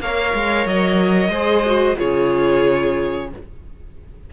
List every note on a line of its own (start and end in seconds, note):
0.00 0.33 A#3
0.00 1.32 A#4
0.00 1.30 C#5
0.00 0.66 F5
0.33 0.66 G#3
0.66 1.28 F#3
0.66 1.98 D#5
1.28 1.94 G#3
1.28 1.65 G#4
1.28 1.96 C5
1.66 1.96 F#4
1.96 3.32 C#3
1.96 3.28 F4
1.96 3.30 G#4
1.96 3.30 C#5